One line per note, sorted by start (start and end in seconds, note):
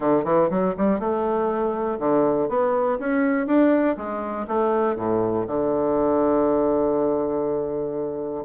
0.00 0.24 D3
0.24 0.49 E3
0.50 0.74 F#3
0.77 0.99 G3
0.99 1.98 A3
1.99 2.48 D3
2.48 2.98 B3
2.99 3.46 C#4
3.46 3.96 D4
3.96 4.46 G#3
4.47 4.96 A3
4.96 5.45 A2
5.47 8.44 D3